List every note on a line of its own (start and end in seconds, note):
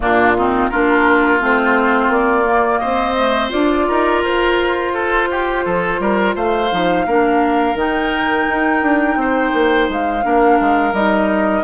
0.00 0.69 A#2
0.00 0.35 A#3
0.00 0.37 D4
0.00 0.69 F4
0.37 0.71 C4
0.37 0.70 D#4
0.69 1.40 A#3
0.69 1.40 D4
0.69 2.80 F4
0.69 1.40 A#4
1.40 2.09 A3
1.40 2.45 C4
1.40 2.12 C5
2.09 2.79 A#3
2.09 2.78 D5
2.45 3.16 A#3
2.78 3.53 C4
2.78 3.86 C5
2.78 3.49 D#5
3.16 3.49 A3
3.49 3.89 D4
3.49 6.67 F4
3.49 4.22 D5
3.87 4.23 D#4
3.87 4.93 A#4
4.23 5.65 F4
4.23 6.35 C5
4.93 5.28 A4
5.30 5.65 G4
5.65 5.99 F3
5.65 6.00 A4
5.99 6.35 G3
5.99 6.35 A#4
6.35 6.71 A3
6.35 7.06 C5
6.35 7.77 F5
6.71 7.06 F3
6.71 7.06 D#4
7.06 7.74 A#3
7.06 7.75 D4
7.06 9.18 A#4
7.74 8.45 D#3
7.74 10.22 D#4
7.74 9.90 G5
8.49 8.82 D#4
8.82 9.15 D4
9.15 9.51 C4
9.15 10.25 C5
9.53 9.88 A#3
9.88 10.24 G#3
9.88 10.94 F5
10.22 10.59 A#3
10.22 10.93 D4
10.22 11.63 A#4
10.60 10.92 G#3
10.92 11.63 G3
10.92 11.63 D#4
10.92 11.63 D#5